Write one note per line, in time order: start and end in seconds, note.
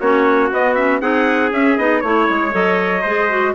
0.00 0.51 A#3
0.00 0.52 C#4
0.00 1.01 F#4
0.00 0.51 C#5
0.51 1.01 B3
0.51 0.76 B3
0.51 0.74 D#5
0.74 1.01 C#4
0.74 1.00 E5
1.01 1.51 C4
1.01 1.52 D#4
1.01 2.03 G#4
1.01 1.52 F#5
1.51 1.77 C#4
1.51 1.77 E5
1.77 2.02 B3
1.77 2.03 D#4
1.77 2.00 D#5
2.00 2.28 A3
2.00 2.51 E4
2.00 2.51 C#5
2.07 3.01 C#5
2.29 2.53 G#3
2.51 3.04 F#3
2.51 3.01 A4
2.51 3.55 D#5
3.01 3.55 G#3
3.01 3.29 G#4
3.01 3.52 C5
3.29 3.54 F#4